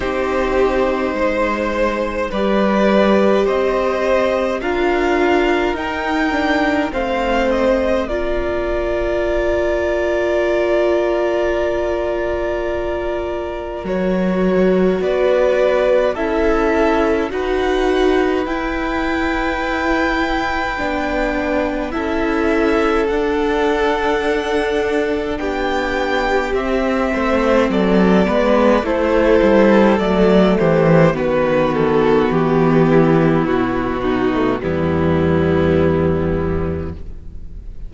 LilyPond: <<
  \new Staff \with { instrumentName = "violin" } { \time 4/4 \tempo 4 = 52 c''2 d''4 dis''4 | f''4 g''4 f''8 dis''8 d''4~ | d''1 | cis''4 d''4 e''4 fis''4 |
g''2. e''4 | fis''2 g''4 e''4 | d''4 c''4 d''8 c''8 b'8 a'8 | g'4 fis'4 e'2 | }
  \new Staff \with { instrumentName = "violin" } { \time 4/4 g'4 c''4 b'4 c''4 | ais'2 c''4 ais'4~ | ais'1~ | ais'4 b'4 a'4 b'4~ |
b'2. a'4~ | a'2 g'4. c''8 | a'8 b'8 a'4. g'8 fis'4~ | fis'8 e'4 dis'8 b2 | }
  \new Staff \with { instrumentName = "viola" } { \time 4/4 dis'2 g'2 | f'4 dis'8 d'8 c'4 f'4~ | f'1 | fis'2 e'4 fis'4 |
e'2 d'4 e'4 | d'2. c'4~ | c'8 b8 e'4 a4 b4~ | b4.~ b16 a16 g2 | }
  \new Staff \with { instrumentName = "cello" } { \time 4/4 c'4 gis4 g4 c'4 | d'4 dis'4 a4 ais4~ | ais1 | fis4 b4 cis'4 dis'4 |
e'2 b4 cis'4 | d'2 b4 c'8 a8 | fis8 gis8 a8 g8 fis8 e8 dis4 | e4 b,4 e,2 | }
>>